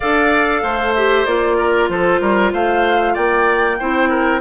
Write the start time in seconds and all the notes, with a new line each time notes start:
0.00 D4 A4 D5 F5
0.62 A3 C5
0.94 G4 E5
1.25 A#3 F4 D5
1.57 A#4
1.89 F3 A4 C5
2.20 G3 A#4
2.52 A3 C5 F5
3.13 A#3 D5 G5
3.79 C4 E4 C5
4.09 A#4